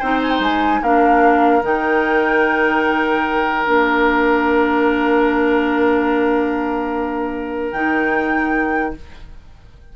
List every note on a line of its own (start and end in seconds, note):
0.00 0.40 C4
0.00 0.84 D#4
0.00 0.81 C5
0.00 0.21 G5
0.23 0.31 G#5
0.31 0.41 G5
0.40 0.81 G#3
0.40 0.83 G#5
0.82 1.63 A#3
0.82 1.62 D4
0.82 8.94 A#4
0.82 1.64 F5
1.62 3.66 D#3
1.62 3.65 D#4
1.62 3.67 G5
3.66 7.72 A#3
3.66 7.72 D4
3.66 7.72 F5
7.72 8.94 D#3
7.72 8.96 D#4
7.72 8.94 G5